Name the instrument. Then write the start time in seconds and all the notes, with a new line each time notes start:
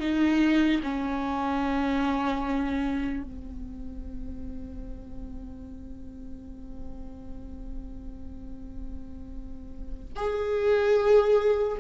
viola
0.00 D#4
0.83 C#4
3.23 C4
10.16 G#4